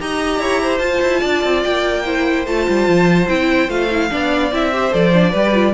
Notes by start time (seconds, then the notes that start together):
0.00 D#4 G4 D#5 A#5
0.39 E4 C#5
0.62 C5
0.79 F4 A5
1.02 E4
1.21 D4 D5
1.44 C4
1.64 A#3 G5
2.05 E4 C5
2.47 A3 F4 A5
2.69 G3
2.88 F3
3.28 C4 E4 G5
3.69 A3 F4 F5
3.91 E4
4.11 B3 D4 D5
4.52 C4 E4 E5
4.73 G4 C5
4.92 F3 A4 D5
5.14 D4
5.31 G3 G4 B4
5.54 F4